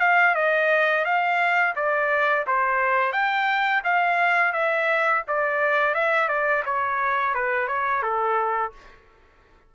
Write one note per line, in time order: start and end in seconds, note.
0.00 0.35 F5
0.35 1.04 D#5
1.04 1.74 F5
1.75 2.45 D5
2.47 3.12 C5
3.12 3.82 G5
3.84 4.53 F5
4.53 5.22 E5
5.27 5.94 D5
5.94 6.28 E5
6.28 6.63 D5
6.65 7.34 C#5
7.34 7.67 B4
7.67 8.02 C#5
8.02 8.72 A4